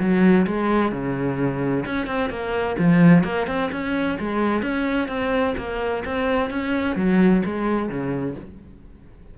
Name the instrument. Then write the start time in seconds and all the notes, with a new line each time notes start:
cello
0.00 F#3
0.47 G#3
0.92 C#3
1.86 C#4
2.07 C4
2.30 A#3
2.79 F3
3.24 A#3
3.47 C4
3.72 C#4
4.20 G#3
4.63 C#4
5.09 C4
5.58 A#3
6.05 C4
6.51 C#4
6.96 F#3
7.46 G#3
7.89 C#3